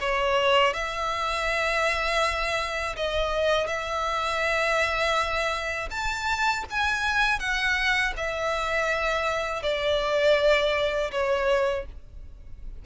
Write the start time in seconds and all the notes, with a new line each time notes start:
0.00 C#5
0.73 E5
2.96 D#5
3.67 E5
5.90 A5
6.70 G#5
7.39 F#5
8.16 E5
9.63 D5
11.11 C#5